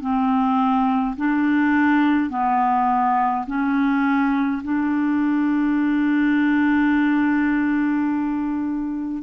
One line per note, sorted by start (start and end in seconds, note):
0.00 1.15 C4
1.16 2.29 D4
2.29 3.45 B3
3.46 4.62 C#4
4.63 9.22 D4